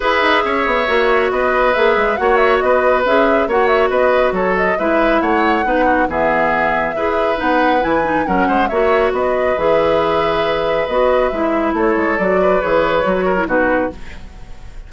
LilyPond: <<
  \new Staff \with { instrumentName = "flute" } { \time 4/4 \tempo 4 = 138 e''2. dis''4 | e''4 fis''8 e''8 dis''4 e''4 | fis''8 e''8 dis''4 cis''8 dis''8 e''4 | fis''2 e''2~ |
e''4 fis''4 gis''4 fis''4 | e''4 dis''4 e''2~ | e''4 dis''4 e''4 cis''4 | d''4 cis''2 b'4 | }
  \new Staff \with { instrumentName = "oboe" } { \time 4/4 b'4 cis''2 b'4~ | b'4 cis''4 b'2 | cis''4 b'4 a'4 b'4 | cis''4 b'8 fis'8 gis'2 |
b'2. ais'8 c''8 | cis''4 b'2.~ | b'2. a'4~ | a'8 b'2 ais'8 fis'4 | }
  \new Staff \with { instrumentName = "clarinet" } { \time 4/4 gis'2 fis'2 | gis'4 fis'2 gis'4 | fis'2. e'4~ | e'4 dis'4 b2 |
gis'4 dis'4 e'8 dis'8 cis'4 | fis'2 gis'2~ | gis'4 fis'4 e'2 | fis'4 gis'4 fis'8. e'16 dis'4 | }
  \new Staff \with { instrumentName = "bassoon" } { \time 4/4 e'8 dis'8 cis'8 b8 ais4 b4 | ais8 gis8 ais4 b4 cis'4 | ais4 b4 fis4 gis4 | a4 b4 e2 |
e'4 b4 e4 fis8 gis8 | ais4 b4 e2~ | e4 b4 gis4 a8 gis8 | fis4 e4 fis4 b,4 | }
>>